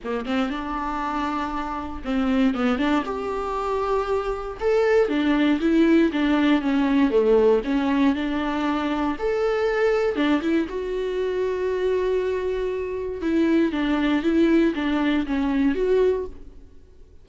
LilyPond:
\new Staff \with { instrumentName = "viola" } { \time 4/4 \tempo 4 = 118 ais8 c'8 d'2. | c'4 b8 d'8 g'2~ | g'4 a'4 d'4 e'4 | d'4 cis'4 a4 cis'4 |
d'2 a'2 | d'8 e'8 fis'2.~ | fis'2 e'4 d'4 | e'4 d'4 cis'4 fis'4 | }